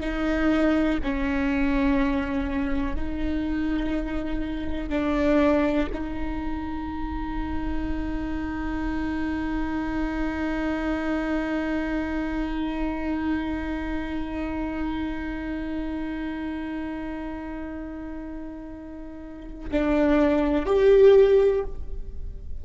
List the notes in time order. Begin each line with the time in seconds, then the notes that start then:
0.00 D#4
1.03 C#4
2.95 D#4
4.90 D4
5.93 D#4
19.71 D4
20.66 G4